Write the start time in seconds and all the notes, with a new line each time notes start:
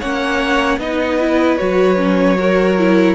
0.00 A#3 C#4 C#5 F#5
0.78 B3 D#4 B4 D#5
1.20 E4
1.58 F#3 F#4 C#5
1.97 C#4
2.38 F#4 A#4
2.78 E4